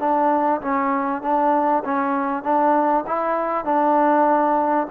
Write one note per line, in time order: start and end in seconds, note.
0.00 0.61 D4
0.62 1.22 C#4
1.22 1.84 D4
1.85 2.44 C#4
2.44 3.05 D4
3.07 3.65 E4
3.65 4.88 D4